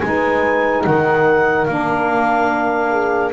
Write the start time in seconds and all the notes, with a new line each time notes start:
0.00 G#3 D#4 B4 G#5
0.85 D#3 A#4 F#5
1.66 A#3 D4 F5
2.91 G#4